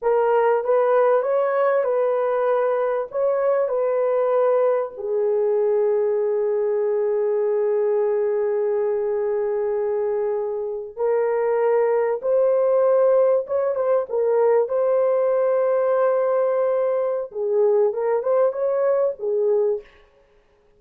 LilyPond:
\new Staff \with { instrumentName = "horn" } { \time 4/4 \tempo 4 = 97 ais'4 b'4 cis''4 b'4~ | b'4 cis''4 b'2 | gis'1~ | gis'1~ |
gis'4.~ gis'16 ais'2 c''16~ | c''4.~ c''16 cis''8 c''8 ais'4 c''16~ | c''1 | gis'4 ais'8 c''8 cis''4 gis'4 | }